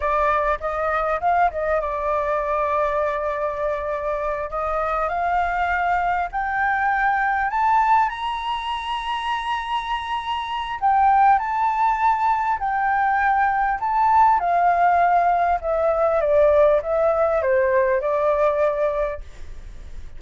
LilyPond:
\new Staff \with { instrumentName = "flute" } { \time 4/4 \tempo 4 = 100 d''4 dis''4 f''8 dis''8 d''4~ | d''2.~ d''8 dis''8~ | dis''8 f''2 g''4.~ | g''8 a''4 ais''2~ ais''8~ |
ais''2 g''4 a''4~ | a''4 g''2 a''4 | f''2 e''4 d''4 | e''4 c''4 d''2 | }